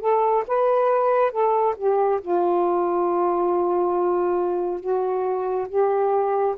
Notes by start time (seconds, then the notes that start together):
0.00 A4
0.47 B4
1.31 A4
1.77 G4
2.21 F4
4.80 F#4
5.68 G4